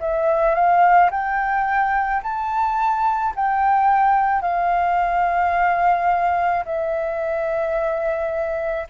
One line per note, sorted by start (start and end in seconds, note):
0.00 0.55 E5
0.55 1.10 F5
1.11 2.22 G5
2.23 3.34 A5
3.35 4.41 G5
4.41 6.64 F5
6.65 8.87 E5